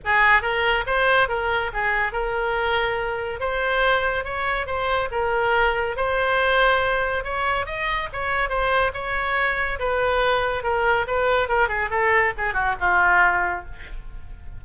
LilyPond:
\new Staff \with { instrumentName = "oboe" } { \time 4/4 \tempo 4 = 141 gis'4 ais'4 c''4 ais'4 | gis'4 ais'2. | c''2 cis''4 c''4 | ais'2 c''2~ |
c''4 cis''4 dis''4 cis''4 | c''4 cis''2 b'4~ | b'4 ais'4 b'4 ais'8 gis'8 | a'4 gis'8 fis'8 f'2 | }